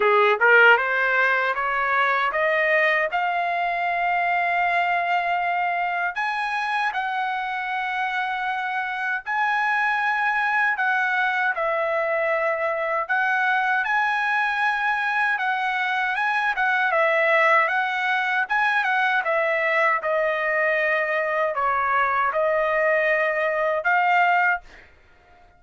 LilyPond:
\new Staff \with { instrumentName = "trumpet" } { \time 4/4 \tempo 4 = 78 gis'8 ais'8 c''4 cis''4 dis''4 | f''1 | gis''4 fis''2. | gis''2 fis''4 e''4~ |
e''4 fis''4 gis''2 | fis''4 gis''8 fis''8 e''4 fis''4 | gis''8 fis''8 e''4 dis''2 | cis''4 dis''2 f''4 | }